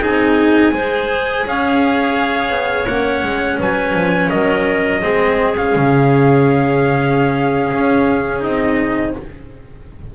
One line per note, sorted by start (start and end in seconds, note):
0.00 0.72 C4
0.00 0.71 D#4
0.00 0.71 G#4
0.00 1.46 G#5
0.71 1.43 G#3
0.71 2.86 G#4
0.71 1.45 C5
1.46 2.50 C#4
1.46 3.59 C#5
1.46 2.86 F5
2.50 2.85 B3
2.86 3.22 A#3
2.86 5.02 C#4
2.86 3.57 F#5
3.22 3.58 G#3
3.59 3.93 F#3
3.59 4.30 B4
3.59 4.29 G#5
3.93 4.29 F3
4.29 5.03 F#3
4.29 5.01 A#4
4.29 5.54 D#5
5.01 5.75 G#3
5.01 5.56 C4
5.01 9.12 G#4
5.56 8.40 C#4
5.56 8.42 F5
5.75 7.72 C#3
7.73 8.43 C#4
8.40 9.14 C4
8.40 9.11 D#4
8.40 9.14 D#5